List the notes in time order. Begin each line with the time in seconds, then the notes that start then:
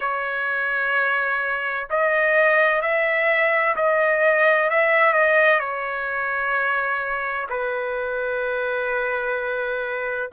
0.00 C#5
1.90 D#5
2.81 E5
3.76 D#5
4.70 E5
5.13 D#5
5.60 C#5
7.49 B4